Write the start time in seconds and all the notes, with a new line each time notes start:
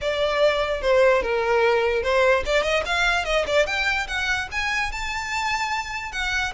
0.01 D5
0.81 C5
1.22 A#4
2.02 C5
2.45 D5
2.62 D#5
2.85 F5
3.24 D#5
3.47 D5
3.66 G5
4.07 F#5
4.51 G#5
4.91 A5
6.12 F#5